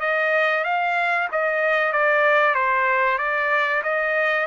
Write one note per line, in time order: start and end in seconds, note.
0.00 0.64 D#5
0.64 1.28 F5
1.31 1.93 D#5
1.93 2.54 D5
2.54 3.18 C5
3.18 3.82 D5
3.83 4.46 D#5